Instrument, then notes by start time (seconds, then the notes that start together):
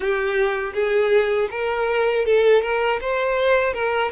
violin
0.00 G4
0.73 G#4
1.50 A#4
2.25 A4
2.61 A#4
3.00 C5
3.73 A#4